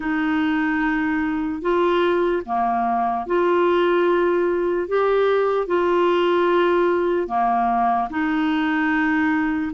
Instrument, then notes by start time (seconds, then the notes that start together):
clarinet
0.00 D#4
1.61 F4
2.45 A#3
3.26 F4
4.88 G4
5.66 F4
7.27 A#3
8.09 D#4